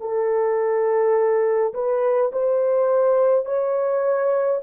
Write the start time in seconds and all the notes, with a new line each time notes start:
0.00 A4
1.74 B4
2.32 C5
3.45 C#5